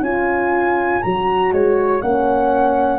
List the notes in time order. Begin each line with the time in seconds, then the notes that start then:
0.00 C#4 F4 C#5 G#5
1.02 F#3 F#4 A#5
1.52 G#3 C#5
2.01 A#3 C#4 F#5